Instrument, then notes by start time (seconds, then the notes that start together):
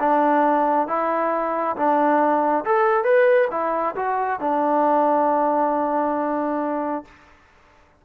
trombone
0.00 D4
0.88 E4
1.76 D4
2.65 A4
3.04 B4
3.51 E4
3.96 F#4
4.41 D4